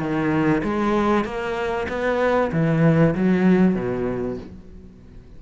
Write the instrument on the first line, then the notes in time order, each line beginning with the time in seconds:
cello
0.00 D#3
0.64 G#3
1.25 A#3
1.89 B3
2.52 E3
3.15 F#3
3.75 B2